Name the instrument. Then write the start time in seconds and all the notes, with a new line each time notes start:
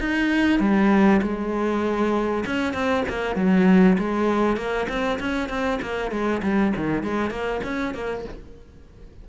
cello
0.00 D#4
0.60 G3
1.22 G#3
2.46 C#4
2.74 C4
3.09 A#3
3.36 F#3
3.99 G#3
4.57 A#3
4.89 C4
5.20 C#4
5.49 C4
5.82 A#3
6.11 G#3
6.43 G3
6.76 D#3
7.04 G#3
7.31 A#3
7.64 C#4
7.94 A#3